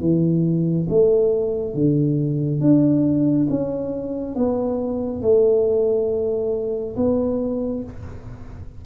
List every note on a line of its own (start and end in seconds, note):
0.00 0.87 E3
0.89 1.74 A3
1.74 2.60 D3
2.60 3.47 D4
3.50 4.35 C#4
4.35 5.22 B3
5.22 6.96 A3
6.96 7.83 B3